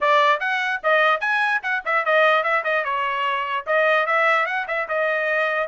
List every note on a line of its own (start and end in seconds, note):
0.01 0.39 D5
0.39 0.80 F#5
0.83 1.20 D#5
1.20 1.61 G#5
1.62 1.83 F#5
1.85 2.05 E5
2.05 2.43 D#5
2.43 2.63 E5
2.64 2.84 D#5
2.84 3.65 C#5
3.66 4.06 D#5
4.06 4.46 E5
4.46 4.66 F#5
4.67 4.88 E5
4.88 5.68 D#5